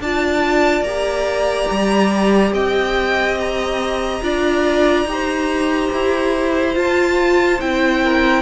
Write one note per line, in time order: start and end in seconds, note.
0.00 0.81 D4
0.00 0.86 F4
0.00 2.54 D5
0.00 0.83 A5
0.81 1.65 A#3
0.81 4.22 G4
0.81 2.52 A#5
1.71 2.52 G3
2.52 4.21 C4
2.52 4.23 D#5
2.52 3.39 G5
3.40 6.78 A#5
4.22 5.05 D4
4.22 5.07 F4
4.22 5.08 D5
5.05 5.89 D#4
5.05 6.74 G4
5.12 8.04 C5
5.93 6.76 E4
6.74 7.59 F4
6.74 7.60 F4
6.74 7.61 A5
7.61 8.42 C4
7.61 8.42 E4
7.61 8.42 G5
8.04 8.42 A#4